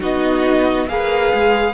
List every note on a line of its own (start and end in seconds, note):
0.00 0.89 B3
0.00 0.88 D#4
0.00 0.87 F#4
0.00 0.89 D#5
0.89 1.33 A#3
0.89 1.74 G#4
0.89 1.74 B4
0.89 1.74 F5
1.34 1.74 G#3